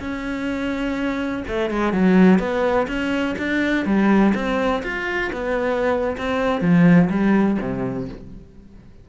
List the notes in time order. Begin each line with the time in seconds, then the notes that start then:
0.00 C#4
1.48 A3
1.71 G#3
1.93 F#3
2.39 B3
2.88 C#4
3.39 D4
3.86 G3
4.35 C4
4.83 F4
5.33 B3
6.18 C4
6.62 F3
7.10 G3
7.61 C3